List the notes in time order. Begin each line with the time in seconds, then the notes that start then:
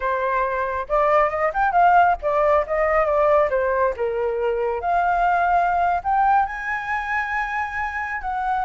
0.00 C5
0.89 D5
1.29 D#5
1.53 G5
1.72 F5
2.22 D5
2.67 D#5
3.05 D5
3.50 C5
3.96 A#4
4.80 F5
6.03 G5
6.46 G#5
8.21 F#5